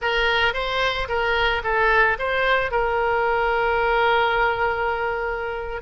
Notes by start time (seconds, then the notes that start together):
0.01 A#4
0.53 C5
1.08 A#4
1.63 A4
2.19 C5
2.71 A#4